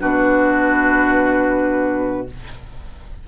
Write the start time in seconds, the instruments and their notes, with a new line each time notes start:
0.00 bassoon B2, clarinet D4, oboe F#4, flute B4